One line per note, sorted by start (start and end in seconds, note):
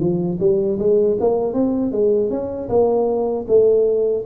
0.00 0.38 F3
0.40 0.78 G3
0.79 1.17 G#3
1.20 1.54 A#3
1.54 1.92 C4
1.92 2.30 G#3
2.30 2.69 C#4
2.69 3.46 A#3
3.48 4.25 A3